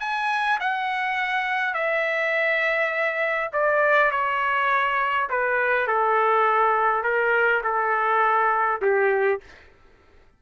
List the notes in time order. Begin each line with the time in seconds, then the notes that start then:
0.00 G#5
0.60 F#5
1.74 E5
3.53 D5
4.11 C#5
5.30 B4
5.87 A4
7.03 A#4
7.64 A4
8.82 G4